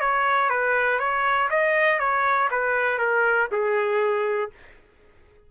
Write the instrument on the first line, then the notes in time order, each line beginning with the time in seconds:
trumpet
0.00 C#5
0.49 B4
0.99 C#5
1.50 D#5
1.99 C#5
2.51 B4
2.98 A#4
3.51 G#4